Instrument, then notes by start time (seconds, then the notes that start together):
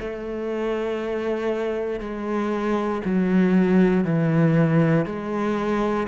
cello
0.00 A3
2.00 G#3
3.05 F#3
4.04 E3
5.06 G#3